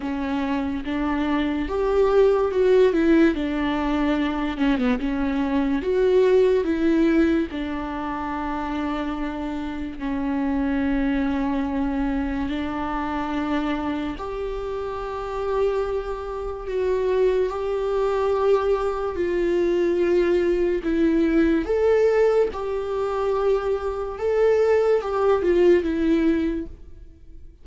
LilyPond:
\new Staff \with { instrumentName = "viola" } { \time 4/4 \tempo 4 = 72 cis'4 d'4 g'4 fis'8 e'8 | d'4. cis'16 b16 cis'4 fis'4 | e'4 d'2. | cis'2. d'4~ |
d'4 g'2. | fis'4 g'2 f'4~ | f'4 e'4 a'4 g'4~ | g'4 a'4 g'8 f'8 e'4 | }